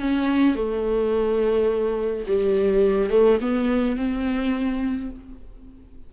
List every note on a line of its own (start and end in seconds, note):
0.00 0.55 C#4
0.55 2.25 A3
2.27 3.10 G3
3.10 3.38 A3
3.41 3.96 B3
3.96 5.10 C4